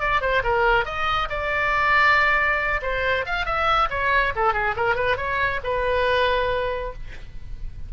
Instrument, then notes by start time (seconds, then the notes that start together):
oboe
0.00 D5
0.21 C5
0.44 A#4
0.85 D#5
1.29 D5
2.82 C5
3.26 F5
3.45 E5
3.90 C#5
4.35 A4
4.53 G#4
4.76 A#4
4.95 B4
5.17 C#5
5.64 B4